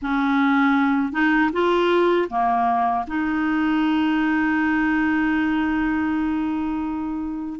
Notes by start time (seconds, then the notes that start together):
0.01 C#4
1.12 D#4
1.52 F4
2.29 A#3
3.07 D#4